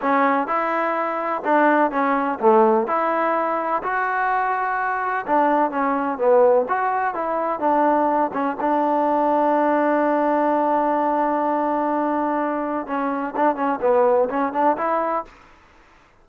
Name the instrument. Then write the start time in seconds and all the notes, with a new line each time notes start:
trombone
0.01 C#4
0.47 E4
1.44 D4
1.91 C#4
2.39 A3
2.87 E4
3.82 F#4
5.26 D4
5.71 C#4
6.18 B3
6.68 F#4
7.14 E4
7.59 D4
8.33 C#4
8.60 D4
12.86 C#4
13.35 D4
13.55 C#4
13.81 B3
14.29 C#4
14.53 D4
14.77 E4